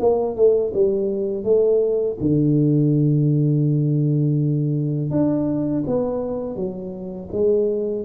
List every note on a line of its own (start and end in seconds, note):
0.00 0.36 A#3
0.36 0.73 A3
0.74 1.44 G3
1.44 2.18 A3
2.21 5.11 D3
5.11 5.84 D4
5.87 6.56 B3
6.56 7.29 F#3
7.32 8.06 G#3